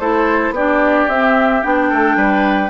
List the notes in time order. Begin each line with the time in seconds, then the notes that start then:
0.00 A3 E4 A4 C5
0.51 B3 D4 G4 D5
1.08 C4 E5
1.63 B3 D4 G5
1.90 A3 A4
2.16 G3 B4